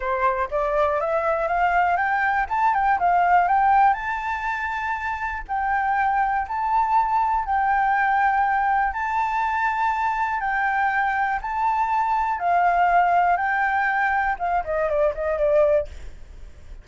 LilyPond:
\new Staff \with { instrumentName = "flute" } { \time 4/4 \tempo 4 = 121 c''4 d''4 e''4 f''4 | g''4 a''8 g''8 f''4 g''4 | a''2. g''4~ | g''4 a''2 g''4~ |
g''2 a''2~ | a''4 g''2 a''4~ | a''4 f''2 g''4~ | g''4 f''8 dis''8 d''8 dis''8 d''4 | }